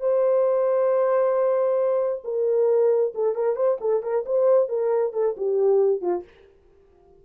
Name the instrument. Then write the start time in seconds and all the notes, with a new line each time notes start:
horn
0.00 C5
2.24 A#4
3.14 A4
3.34 A#4
3.55 C5
3.80 A4
4.02 A#4
4.25 C5
4.68 A#4
5.13 A4
5.37 G4
6.01 F4